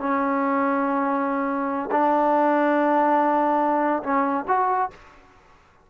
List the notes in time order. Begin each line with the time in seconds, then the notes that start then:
0.00 C#4
1.92 D4
4.03 C#4
4.48 F#4